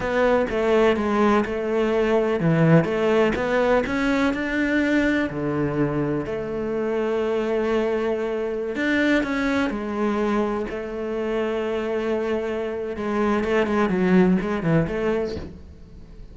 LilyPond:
\new Staff \with { instrumentName = "cello" } { \time 4/4 \tempo 4 = 125 b4 a4 gis4 a4~ | a4 e4 a4 b4 | cis'4 d'2 d4~ | d4 a2.~ |
a2~ a16 d'4 cis'8.~ | cis'16 gis2 a4.~ a16~ | a2. gis4 | a8 gis8 fis4 gis8 e8 a4 | }